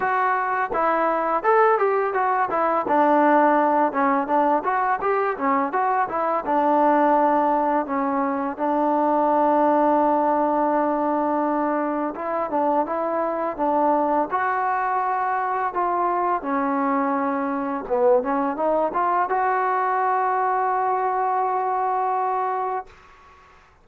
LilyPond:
\new Staff \with { instrumentName = "trombone" } { \time 4/4 \tempo 4 = 84 fis'4 e'4 a'8 g'8 fis'8 e'8 | d'4. cis'8 d'8 fis'8 g'8 cis'8 | fis'8 e'8 d'2 cis'4 | d'1~ |
d'4 e'8 d'8 e'4 d'4 | fis'2 f'4 cis'4~ | cis'4 b8 cis'8 dis'8 f'8 fis'4~ | fis'1 | }